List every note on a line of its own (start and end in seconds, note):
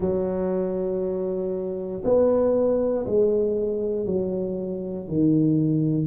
0.00 2.02 F#3
2.04 3.06 B3
3.06 4.06 G#3
4.06 5.08 F#3
5.08 6.06 D#3